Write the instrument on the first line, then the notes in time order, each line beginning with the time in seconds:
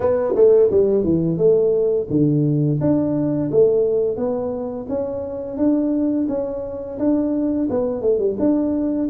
tuba
0.00 B3
0.35 A3
0.70 G3
1.04 E3
1.37 A3
2.09 D3
2.80 D4
3.51 A3
4.16 B3
4.88 C#4
5.57 D4
6.28 C#4
6.98 D4
7.69 B3
8.01 A3
8.18 G3
8.39 D4